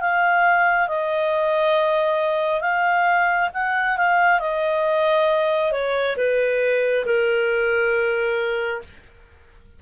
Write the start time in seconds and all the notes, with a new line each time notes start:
0.00 F5
0.87 D#5
2.61 F5
3.53 F#5
3.97 F5
4.39 D#5
5.72 C#5
6.16 B4
7.05 A#4